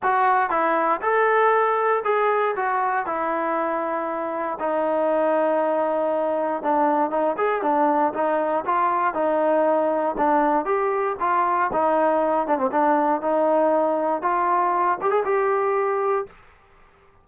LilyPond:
\new Staff \with { instrumentName = "trombone" } { \time 4/4 \tempo 4 = 118 fis'4 e'4 a'2 | gis'4 fis'4 e'2~ | e'4 dis'2.~ | dis'4 d'4 dis'8 gis'8 d'4 |
dis'4 f'4 dis'2 | d'4 g'4 f'4 dis'4~ | dis'8 d'16 c'16 d'4 dis'2 | f'4. g'16 gis'16 g'2 | }